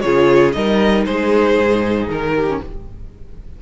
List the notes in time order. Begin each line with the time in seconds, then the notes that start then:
0.00 C#3 F4 G#4 C#5
0.52 G3 D#4 A#4 D#5
1.05 G#3 G#4 C5
1.58 G#2
2.08 D#3 A#4
2.34 G4
2.48 C#4